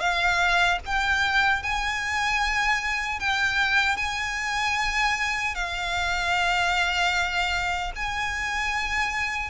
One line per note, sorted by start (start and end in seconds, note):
0.00 0.79 F5
0.85 1.63 G5
1.63 3.20 G#5
3.20 3.97 G5
3.97 5.55 G#5
5.55 7.92 F5
7.96 9.50 G#5